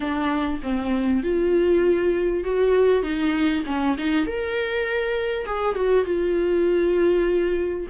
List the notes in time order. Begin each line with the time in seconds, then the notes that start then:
0.00 D4
0.62 C4
1.23 F4
2.44 F#4
3.02 D#4
3.66 C#4
3.98 D#4
4.26 A#4
5.45 G#4
5.75 F#4
6.04 F4